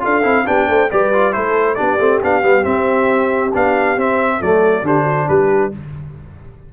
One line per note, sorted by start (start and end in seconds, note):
0.00 0.24 D4
0.00 0.22 F4
0.00 0.46 A4
0.00 0.47 F5
0.23 0.46 C4
0.23 0.45 E4
0.46 0.68 B3
0.46 0.90 D4
0.46 0.68 G4
0.46 0.91 G5
0.68 0.90 A3
0.68 0.90 C5
0.91 1.35 G3
0.91 1.13 G4
0.91 1.35 B4
0.91 1.33 D5
1.13 1.33 F4
1.33 1.79 A3
1.33 1.76 E4
1.33 1.75 A4
1.33 1.75 C5
1.75 1.99 B3
1.75 1.98 D4
1.75 4.38 G4
1.75 2.19 D5
1.99 2.21 A3
1.99 2.21 C4
2.23 2.43 B3
2.23 2.43 D4
2.23 2.64 F5
2.43 2.65 G3
2.43 2.64 B3
2.64 3.51 C4
2.64 3.53 C4
2.64 3.52 E5
3.54 3.97 B3
3.54 3.98 D4
3.54 3.99 F5
3.97 4.41 C4
3.97 4.42 C4
3.97 4.42 E5
4.39 4.83 F#3
4.39 4.84 A3
4.39 4.83 A4
4.39 4.86 D5
4.83 5.27 D3
4.83 5.72 D4
4.83 5.04 G4
4.83 5.28 C5
5.04 5.26 F#4
5.28 5.73 G3
5.28 5.72 G4
5.28 5.72 B4